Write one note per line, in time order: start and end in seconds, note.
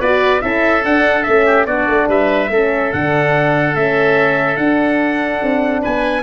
0.00 0.42 B3
0.00 0.41 F#4
0.00 0.42 B4
0.00 0.42 D5
0.41 0.85 C#4
0.41 0.83 E4
0.41 1.46 A4
0.41 0.83 E5
0.84 1.26 D4
0.84 1.23 F#5
1.23 1.67 A3
1.23 1.67 C#4
1.23 1.65 E5
1.46 1.67 G4
1.66 1.87 B3
1.66 2.51 D4
1.66 2.09 F#4
1.66 2.08 D5
1.88 2.08 A3
2.08 2.49 G3
2.08 2.51 B4
2.08 2.92 E5
2.49 2.91 A3
2.49 2.93 C#4
2.49 5.82 A4
2.92 3.76 D3
2.92 3.74 D4
2.92 3.76 F#5
3.74 4.57 A3
3.74 4.58 C#4
3.74 4.57 E5
4.57 5.41 D4
4.57 6.23 D4
4.57 5.82 F#5
5.42 5.84 C4
5.82 6.23 B3
5.82 6.23 B4
5.82 6.23 G#5